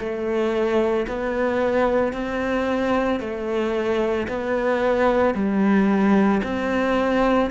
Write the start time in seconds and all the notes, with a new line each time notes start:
0.00 A3
1.08 B3
2.13 C4
3.20 A3
4.29 B3
5.35 G3
6.44 C4